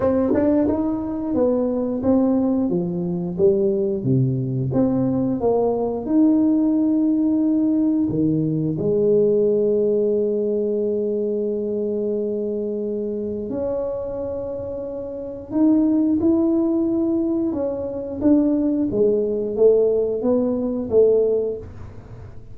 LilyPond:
\new Staff \with { instrumentName = "tuba" } { \time 4/4 \tempo 4 = 89 c'8 d'8 dis'4 b4 c'4 | f4 g4 c4 c'4 | ais4 dis'2. | dis4 gis2.~ |
gis1 | cis'2. dis'4 | e'2 cis'4 d'4 | gis4 a4 b4 a4 | }